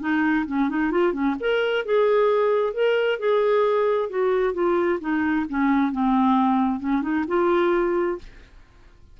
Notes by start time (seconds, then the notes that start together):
0.00 D#4
0.46 C#4
0.69 D#4
0.91 F4
1.12 C#4
1.40 A#4
1.85 G#4
2.74 A#4
3.19 G#4
4.10 F#4
4.54 F4
5.00 D#4
5.49 C#4
5.92 C4
6.80 C#4
7.02 D#4
7.27 F4